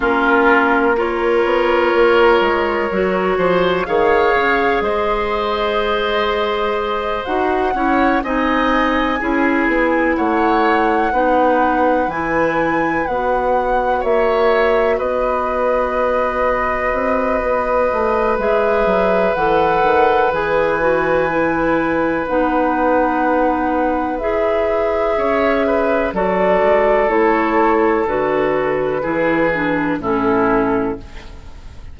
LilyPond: <<
  \new Staff \with { instrumentName = "flute" } { \time 4/4 \tempo 4 = 62 ais'4 cis''2. | f''4 dis''2~ dis''8 fis''8~ | fis''8 gis''2 fis''4.~ | fis''8 gis''4 fis''4 e''4 dis''8~ |
dis''2. e''4 | fis''4 gis''2 fis''4~ | fis''4 e''2 d''4 | cis''4 b'2 a'4 | }
  \new Staff \with { instrumentName = "oboe" } { \time 4/4 f'4 ais'2~ ais'8 c''8 | cis''4 c''2. | cis''8 dis''4 gis'4 cis''4 b'8~ | b'2~ b'8 cis''4 b'8~ |
b'1~ | b'1~ | b'2 cis''8 b'8 a'4~ | a'2 gis'4 e'4 | }
  \new Staff \with { instrumentName = "clarinet" } { \time 4/4 cis'4 f'2 fis'4 | gis'2.~ gis'8 fis'8 | e'8 dis'4 e'2 dis'8~ | dis'8 e'4 fis'2~ fis'8~ |
fis'2. gis'4 | a'4 gis'8 fis'8 e'4 dis'4~ | dis'4 gis'2 fis'4 | e'4 fis'4 e'8 d'8 cis'4 | }
  \new Staff \with { instrumentName = "bassoon" } { \time 4/4 ais4. b8 ais8 gis8 fis8 f8 | dis8 cis8 gis2~ gis8 dis'8 | cis'8 c'4 cis'8 b8 a4 b8~ | b8 e4 b4 ais4 b8~ |
b4. c'8 b8 a8 gis8 fis8 | e8 dis8 e2 b4~ | b4 e'4 cis'4 fis8 gis8 | a4 d4 e4 a,4 | }
>>